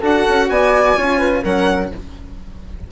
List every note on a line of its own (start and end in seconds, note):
0.00 0.25 D4
0.00 0.95 F#4
0.00 0.47 A4
0.00 0.50 F#5
0.29 0.50 C#4
0.50 0.96 B3
0.50 0.98 D5
0.50 1.44 G#5
0.96 1.44 C#4
0.96 1.43 F4
0.96 1.19 C#5
1.19 1.42 B4
1.43 1.91 F#3
1.43 1.92 C#4
1.43 1.90 A#4
1.43 1.91 F#5